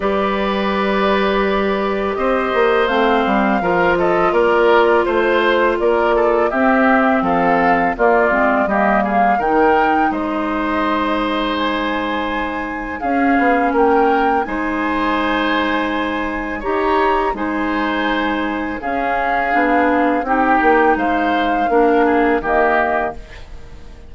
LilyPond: <<
  \new Staff \with { instrumentName = "flute" } { \time 4/4 \tempo 4 = 83 d''2. dis''4 | f''4. dis''8 d''4 c''4 | d''4 e''4 f''4 d''4 | dis''8 f''8 g''4 dis''2 |
gis''2 f''4 g''4 | gis''2. ais''4 | gis''2 f''2 | g''4 f''2 dis''4 | }
  \new Staff \with { instrumentName = "oboe" } { \time 4/4 b'2. c''4~ | c''4 ais'8 a'8 ais'4 c''4 | ais'8 a'8 g'4 a'4 f'4 | g'8 gis'8 ais'4 c''2~ |
c''2 gis'4 ais'4 | c''2. cis''4 | c''2 gis'2 | g'4 c''4 ais'8 gis'8 g'4 | }
  \new Staff \with { instrumentName = "clarinet" } { \time 4/4 g'1 | c'4 f'2.~ | f'4 c'2 ais8 c'8 | ais4 dis'2.~ |
dis'2 cis'2 | dis'2. g'4 | dis'2 cis'4 d'4 | dis'2 d'4 ais4 | }
  \new Staff \with { instrumentName = "bassoon" } { \time 4/4 g2. c'8 ais8 | a8 g8 f4 ais4 a4 | ais4 c'4 f4 ais8 gis8 | g4 dis4 gis2~ |
gis2 cis'8 b8 ais4 | gis2. dis'4 | gis2 cis'4 b4 | c'8 ais8 gis4 ais4 dis4 | }
>>